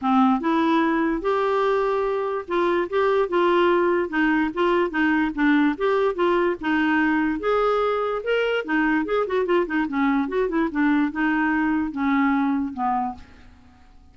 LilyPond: \new Staff \with { instrumentName = "clarinet" } { \time 4/4 \tempo 4 = 146 c'4 e'2 g'4~ | g'2 f'4 g'4 | f'2 dis'4 f'4 | dis'4 d'4 g'4 f'4 |
dis'2 gis'2 | ais'4 dis'4 gis'8 fis'8 f'8 dis'8 | cis'4 fis'8 e'8 d'4 dis'4~ | dis'4 cis'2 b4 | }